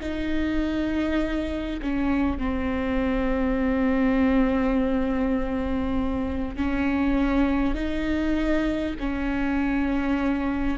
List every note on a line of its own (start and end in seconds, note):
0.00 1.80 D#4
1.82 2.38 C#4
2.38 6.57 C4
6.57 7.75 C#4
7.75 8.95 D#4
8.99 10.78 C#4